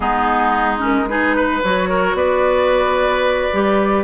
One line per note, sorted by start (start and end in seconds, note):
0.00 1.61 G#3
0.00 0.78 B3
0.00 1.09 D#4
0.00 0.78 G#4
0.78 1.05 C#4
0.78 1.07 A#4
1.07 1.62 D#4
1.07 1.36 G#4
1.07 1.61 B4
1.36 1.89 B4
1.62 2.13 F#3
1.62 3.52 F#4
1.62 2.16 C#5
1.89 2.16 A#4
2.13 3.48 B3
2.13 4.03 B4
2.13 4.03 D5
3.52 4.03 G3
3.52 4.03 G4